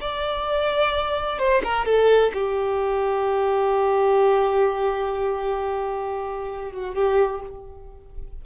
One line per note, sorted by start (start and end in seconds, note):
0.00 1.38 D5
1.38 1.62 C5
1.63 1.85 A#4
1.85 2.31 A4
2.33 6.71 G4
6.71 6.94 F#4
6.94 7.41 G4